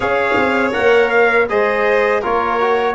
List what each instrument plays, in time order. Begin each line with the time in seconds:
0.00 tuba C#4, trombone G#4, violin C#5, trumpet F5
0.37 tuba C4
0.72 tuba A#3, trombone A#4, trumpet F#5
1.09 trumpet F5
1.49 tuba G#3, trombone G#4, violin C5, trumpet D#5
2.20 tuba A#3, trombone F4, violin A#4, trumpet C#5
2.59 trombone F#4